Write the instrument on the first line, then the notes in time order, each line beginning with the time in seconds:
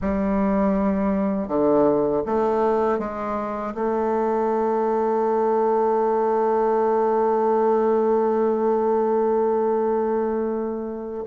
bassoon
0.01 G3
1.48 D3
2.26 A3
2.99 G#3
3.74 A3